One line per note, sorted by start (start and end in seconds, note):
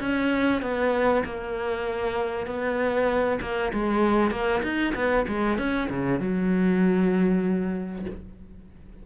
0.00 0.62 C#4
0.62 1.24 B3
1.25 2.47 A#3
2.47 3.40 B3
3.41 3.72 A#3
3.73 4.31 G#3
4.31 4.62 A#3
4.63 4.94 D#4
4.95 5.26 B3
5.28 5.58 G#3
5.58 5.89 C#4
5.90 6.20 C#3
6.20 8.06 F#3